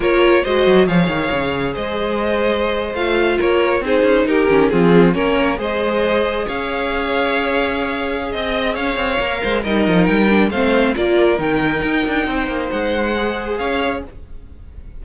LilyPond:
<<
  \new Staff \with { instrumentName = "violin" } { \time 4/4 \tempo 4 = 137 cis''4 dis''4 f''2 | dis''2~ dis''8. f''4 cis''16~ | cis''8. c''4 ais'4 gis'4 cis''16~ | cis''8. dis''2 f''4~ f''16~ |
f''2. dis''4 | f''2 dis''4 g''4 | f''4 d''4 g''2~ | g''4 fis''2 f''4 | }
  \new Staff \with { instrumentName = "violin" } { \time 4/4 ais'4 c''4 cis''2 | c''2.~ c''8. ais'16~ | ais'8. gis'4 g'4 f'4 ais'16~ | ais'8. c''2 cis''4~ cis''16~ |
cis''2. dis''4 | cis''4. c''8 ais'2 | c''4 ais'2. | c''2. cis''4 | }
  \new Staff \with { instrumentName = "viola" } { \time 4/4 f'4 fis'4 gis'2~ | gis'2~ gis'8. f'4~ f'16~ | f'8. dis'4. cis'8 c'4 cis'16~ | cis'8. gis'2.~ gis'16~ |
gis'1~ | gis'4 ais'4 dis'4. d'8 | c'4 f'4 dis'2~ | dis'2 gis'2 | }
  \new Staff \with { instrumentName = "cello" } { \time 4/4 ais4 gis8 fis8 f8 dis8 cis4 | gis2~ gis8. a4 ais16~ | ais8. c'8 cis'8 dis'8 dis8 f4 ais16~ | ais8. gis2 cis'4~ cis'16~ |
cis'2. c'4 | cis'8 c'8 ais8 gis8 g8 f8 g4 | a4 ais4 dis4 dis'8 d'8 | c'8 ais8 gis2 cis'4 | }
>>